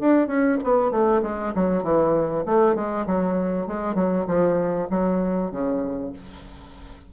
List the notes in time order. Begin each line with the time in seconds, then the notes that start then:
0.00 D4
0.27 C#4
0.64 B3
0.91 A3
1.22 G#3
1.55 F#3
1.83 E3
2.46 A3
2.75 G#3
3.06 F#3
3.67 G#3
3.95 F#3
4.27 F3
4.90 F#3
5.51 C#3